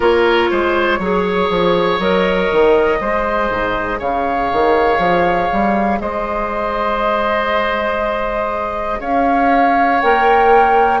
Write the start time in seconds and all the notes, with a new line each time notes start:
0.00 A#3 F4 A#4 C#5
0.50 G#3 C5
0.99 F#3 G#4 C#5
1.49 F3
1.99 F#3 A#4 D#5
2.51 D#3
2.99 G#3 G#4 C5
3.50 G#2
3.98 C#3 C#5 F5
4.52 D#3
4.98 F3
5.52 G3
6.00 G#3 C5 D#5
9.00 C#4 C#5 F5
10.00 A#3 A#4 G5